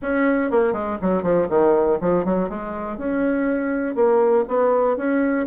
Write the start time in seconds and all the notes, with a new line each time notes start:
0.02 C#4
0.50 A#3
0.73 G#3
1.01 F#3
1.22 F3
1.49 D#3
2.00 F3
2.24 F#3
2.49 G#3
2.97 C#4
3.95 A#3
4.48 B3
4.97 C#4